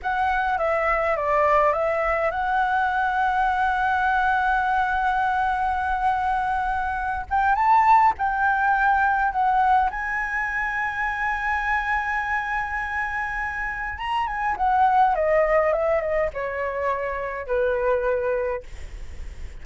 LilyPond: \new Staff \with { instrumentName = "flute" } { \time 4/4 \tempo 4 = 103 fis''4 e''4 d''4 e''4 | fis''1~ | fis''1~ | fis''8 g''8 a''4 g''2 |
fis''4 gis''2.~ | gis''1 | ais''8 gis''8 fis''4 dis''4 e''8 dis''8 | cis''2 b'2 | }